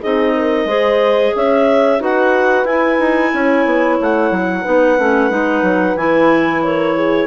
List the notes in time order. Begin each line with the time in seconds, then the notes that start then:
0.00 C4 D#4 G#4 D#5
0.36 A#4
0.65 G#3 G#4 C5
1.35 C#4 C#5 E5
1.99 D#4 F#4 B4 F#5
2.64 E4 G#5
2.99 D#4
3.33 C#4 C#5
3.65 B3
4.00 A3 F#5
4.31 F#3
4.61 B3 D#4 B4
4.98 A3 C#4
5.29 G#3 D#4
5.62 F#3
5.95 E3 E4 G#5
6.63 A#4 C#5
6.96 G#4